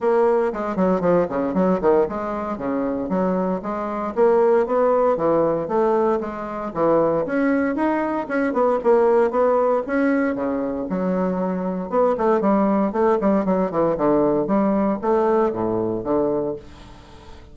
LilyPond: \new Staff \with { instrumentName = "bassoon" } { \time 4/4 \tempo 4 = 116 ais4 gis8 fis8 f8 cis8 fis8 dis8 | gis4 cis4 fis4 gis4 | ais4 b4 e4 a4 | gis4 e4 cis'4 dis'4 |
cis'8 b8 ais4 b4 cis'4 | cis4 fis2 b8 a8 | g4 a8 g8 fis8 e8 d4 | g4 a4 a,4 d4 | }